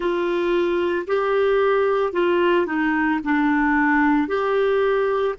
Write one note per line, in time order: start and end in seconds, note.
0.00 1.06 F4
1.07 2.12 G4
2.12 2.66 F4
2.66 3.19 D#4
3.23 4.28 D4
4.28 5.35 G4